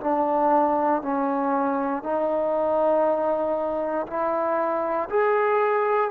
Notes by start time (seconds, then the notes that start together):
0.00 D4
1.02 C#4
2.03 D#4
4.07 E4
5.09 G#4